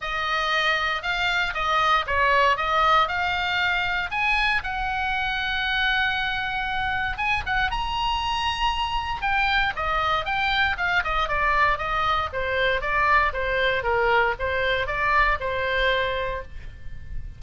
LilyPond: \new Staff \with { instrumentName = "oboe" } { \time 4/4 \tempo 4 = 117 dis''2 f''4 dis''4 | cis''4 dis''4 f''2 | gis''4 fis''2.~ | fis''2 gis''8 fis''8 ais''4~ |
ais''2 g''4 dis''4 | g''4 f''8 dis''8 d''4 dis''4 | c''4 d''4 c''4 ais'4 | c''4 d''4 c''2 | }